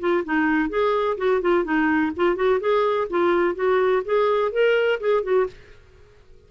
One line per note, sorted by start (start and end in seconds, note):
0.00 0.24 F4
0.25 0.69 D#4
0.69 1.17 G#4
1.17 1.41 F#4
1.41 1.64 F4
1.64 2.12 D#4
2.16 2.36 F4
2.36 2.60 F#4
2.60 3.08 G#4
3.10 3.55 F4
3.55 4.03 F#4
4.05 4.52 G#4
4.52 4.99 A#4
5.00 5.23 G#4
5.23 5.47 F#4